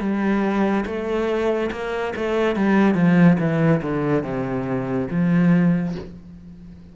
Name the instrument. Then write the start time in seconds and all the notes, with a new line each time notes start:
cello
0.00 G3
0.86 A3
1.71 A#3
2.16 A3
2.56 G3
2.95 F3
3.40 E3
3.83 D3
4.24 C3
5.11 F3